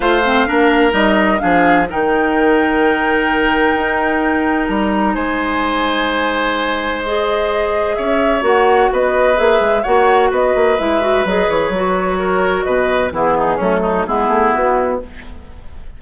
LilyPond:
<<
  \new Staff \with { instrumentName = "flute" } { \time 4/4 \tempo 4 = 128 f''2 dis''4 f''4 | g''1~ | g''2 ais''4 gis''4~ | gis''2. dis''4~ |
dis''4 e''4 fis''4 dis''4 | e''4 fis''4 dis''4 e''4 | dis''8 cis''2~ cis''8 dis''4 | gis'4 a'4 gis'4 fis'4 | }
  \new Staff \with { instrumentName = "oboe" } { \time 4/4 c''4 ais'2 gis'4 | ais'1~ | ais'2. c''4~ | c''1~ |
c''4 cis''2 b'4~ | b'4 cis''4 b'2~ | b'2 ais'4 b'4 | e'8 dis'8 cis'8 dis'8 e'2 | }
  \new Staff \with { instrumentName = "clarinet" } { \time 4/4 f'8 c'8 d'4 dis'4 d'4 | dis'1~ | dis'1~ | dis'2. gis'4~ |
gis'2 fis'2 | gis'4 fis'2 e'8 fis'8 | gis'4 fis'2. | b4 a4 b2 | }
  \new Staff \with { instrumentName = "bassoon" } { \time 4/4 a4 ais4 g4 f4 | dis1 | dis'2 g4 gis4~ | gis1~ |
gis4 cis'4 ais4 b4 | ais8 gis8 ais4 b8 ais8 gis4 | fis8 e8 fis2 b,4 | e4 fis4 gis8 a8 b4 | }
>>